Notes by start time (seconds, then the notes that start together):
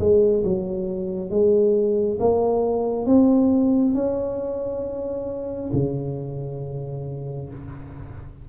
0.00 G#3
0.45 F#3
1.31 G#3
2.20 A#3
3.07 C4
3.95 C#4
5.73 C#3